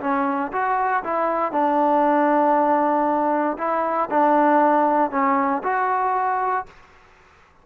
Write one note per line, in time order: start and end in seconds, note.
0.00 0.51 C#4
0.52 1.03 F#4
1.03 1.52 E4
1.52 3.57 D4
3.58 4.09 E4
4.10 5.11 D4
5.11 5.62 C#4
5.63 6.66 F#4